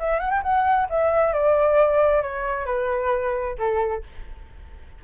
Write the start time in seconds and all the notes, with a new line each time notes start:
0.00 E5
0.20 F#5
0.31 G5
0.43 F#5
0.90 E5
1.34 D5
2.22 C#5
2.66 B4
3.59 A4